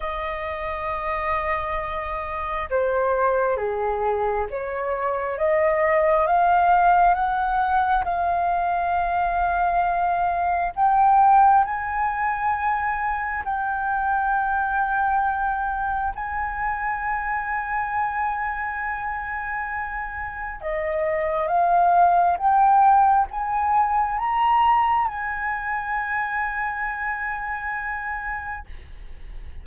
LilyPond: \new Staff \with { instrumentName = "flute" } { \time 4/4 \tempo 4 = 67 dis''2. c''4 | gis'4 cis''4 dis''4 f''4 | fis''4 f''2. | g''4 gis''2 g''4~ |
g''2 gis''2~ | gis''2. dis''4 | f''4 g''4 gis''4 ais''4 | gis''1 | }